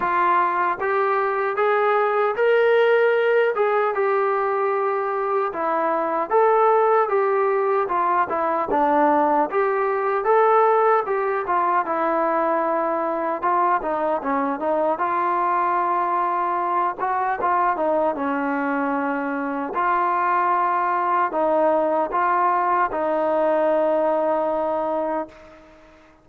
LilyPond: \new Staff \with { instrumentName = "trombone" } { \time 4/4 \tempo 4 = 76 f'4 g'4 gis'4 ais'4~ | ais'8 gis'8 g'2 e'4 | a'4 g'4 f'8 e'8 d'4 | g'4 a'4 g'8 f'8 e'4~ |
e'4 f'8 dis'8 cis'8 dis'8 f'4~ | f'4. fis'8 f'8 dis'8 cis'4~ | cis'4 f'2 dis'4 | f'4 dis'2. | }